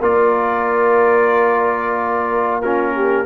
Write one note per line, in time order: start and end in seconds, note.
0.00 3.25 A#3
0.00 2.62 F4
0.00 2.61 A#4
0.00 2.61 D5
2.61 3.25 C#4
2.61 2.94 F4
2.61 3.25 A#4
2.95 3.25 G4